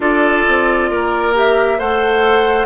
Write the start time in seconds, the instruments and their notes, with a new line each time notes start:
0.00 bassoon D4, clarinet F4, oboe A4, flute D5
0.47 bassoon C4
0.90 bassoon A#3, oboe A#4
1.34 clarinet G4, flute E5
1.78 bassoon A3, clarinet A4, oboe C5, flute F#5